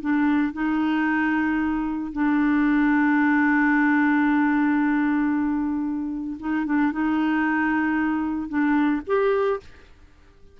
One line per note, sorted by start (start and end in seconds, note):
0.00 0.53 D4
0.53 2.12 D#4
2.12 6.37 D4
6.39 6.65 D#4
6.65 6.92 D4
6.92 8.48 D#4
8.48 9.01 D4
9.07 9.60 G4